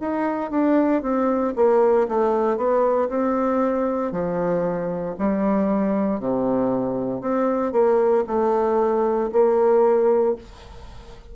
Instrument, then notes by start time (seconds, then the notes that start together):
bassoon
0.00 D#4
0.51 D4
1.02 C4
1.56 A#3
2.08 A3
2.57 B3
3.09 C4
4.12 F3
5.19 G3
6.20 C3
7.20 C4
7.72 A#3
8.27 A3
9.32 A#3